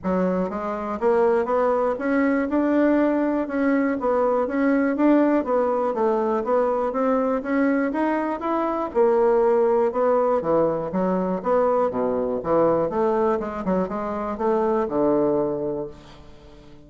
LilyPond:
\new Staff \with { instrumentName = "bassoon" } { \time 4/4 \tempo 4 = 121 fis4 gis4 ais4 b4 | cis'4 d'2 cis'4 | b4 cis'4 d'4 b4 | a4 b4 c'4 cis'4 |
dis'4 e'4 ais2 | b4 e4 fis4 b4 | b,4 e4 a4 gis8 fis8 | gis4 a4 d2 | }